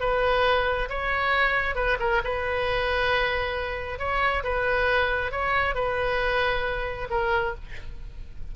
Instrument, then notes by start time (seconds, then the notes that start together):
oboe
0.00 B4
0.89 C#5
1.75 B4
1.99 A#4
2.24 B4
3.99 C#5
4.44 B4
5.31 C#5
5.75 B4
7.10 A#4